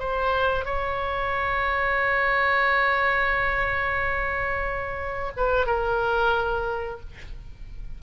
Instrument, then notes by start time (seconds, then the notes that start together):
oboe
0.00 C5
0.65 C#5
5.37 B4
5.67 A#4